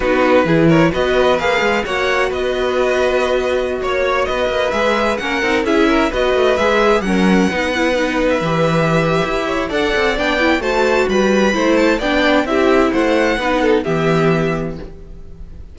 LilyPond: <<
  \new Staff \with { instrumentName = "violin" } { \time 4/4 \tempo 4 = 130 b'4. cis''8 dis''4 f''4 | fis''4 dis''2.~ | dis''16 cis''4 dis''4 e''4 fis''8.~ | fis''16 e''4 dis''4 e''4 fis''8.~ |
fis''2 e''2~ | e''4 fis''4 g''4 a''4 | b''4. a''8 g''4 e''4 | fis''2 e''2 | }
  \new Staff \with { instrumentName = "violin" } { \time 4/4 fis'4 gis'8 ais'8 b'2 | cis''4 b'2.~ | b'16 cis''4 b'2 ais'8.~ | ais'16 gis'8 ais'8 b'2 ais'8.~ |
ais'16 b'2.~ b'8.~ | b'8 cis''8 d''2 c''4 | b'4 c''4 d''4 g'4 | c''4 b'8 a'8 g'2 | }
  \new Staff \with { instrumentName = "viola" } { \time 4/4 dis'4 e'4 fis'4 gis'4 | fis'1~ | fis'2~ fis'16 gis'4 cis'8 dis'16~ | dis'16 e'4 fis'4 gis'4 cis'8.~ |
cis'16 dis'8 e'8 dis'4 g'4.~ g'16~ | g'4 a'4 d'8 e'8 fis'4~ | fis'4 e'4 d'4 e'4~ | e'4 dis'4 b2 | }
  \new Staff \with { instrumentName = "cello" } { \time 4/4 b4 e4 b4 ais8 gis8 | ais4 b2.~ | b16 ais4 b8 ais8 gis4 ais8 c'16~ | c'16 cis'4 b8 a8 gis4 fis8.~ |
fis16 b2 e4.~ e16 | e'4 d'8 c'8 b4 a4 | g4 a4 b4 c'4 | a4 b4 e2 | }
>>